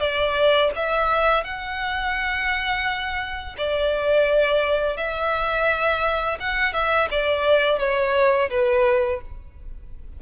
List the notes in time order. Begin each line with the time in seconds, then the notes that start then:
0.00 D5
0.75 E5
1.44 F#5
3.58 D5
4.97 E5
6.40 F#5
6.73 E5
7.11 D5
7.79 C#5
8.50 B4